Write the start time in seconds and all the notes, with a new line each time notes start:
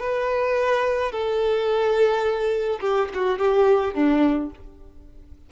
0.00 B4
1.12 A4
2.81 G4
3.15 F#4
3.39 G4
3.95 D4